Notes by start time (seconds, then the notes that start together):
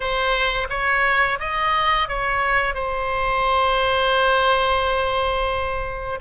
0.00 C5
0.69 C#5
1.39 D#5
2.08 C#5
2.74 C5